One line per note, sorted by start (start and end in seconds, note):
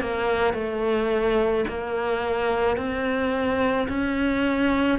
0.00 0.53 A#3
0.53 1.64 A3
1.67 2.76 A#3
2.76 3.87 C4
3.88 4.98 C#4